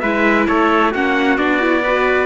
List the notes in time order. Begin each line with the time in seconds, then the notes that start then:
0.00 G#3 E4 B4 E5
0.47 A3 A4 C#5
0.91 A#3 C#4 F#4 F#5
1.37 B3 D4 D5
1.60 E4
1.83 F#4 B4